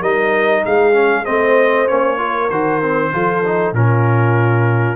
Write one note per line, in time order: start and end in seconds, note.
0.00 0.63 G3
0.00 0.93 D#4
0.00 0.62 A#4
0.00 0.64 D#5
0.65 1.28 G#3
0.65 1.25 G#4
0.65 1.25 F5
0.93 1.24 C#4
1.25 1.90 A3
1.25 1.88 C4
1.25 2.18 C5
1.25 1.87 D#5
1.88 2.50 A#3
1.88 2.18 C#4
1.88 2.49 C#5
2.18 2.48 F4
2.18 3.11 A#4
2.49 3.12 D#3
2.49 2.81 F#4
2.49 3.73 C5
2.81 3.12 C4
3.12 3.72 F3
3.12 3.43 F4
3.12 3.75 A4
3.44 3.75 D#4
3.72 4.95 A#2
3.72 4.95 C#4
3.72 4.95 F4
3.72 4.95 A#4